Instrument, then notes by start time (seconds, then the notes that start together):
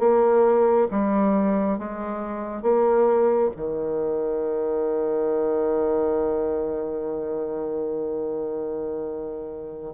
bassoon
0.00 A#3
0.91 G3
1.79 G#3
2.63 A#3
3.57 D#3